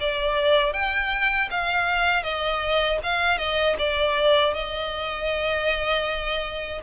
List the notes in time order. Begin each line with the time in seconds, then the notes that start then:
0.00 D5
0.73 G5
1.51 F5
2.23 D#5
3.03 F5
3.38 D#5
3.78 D5
4.54 D#5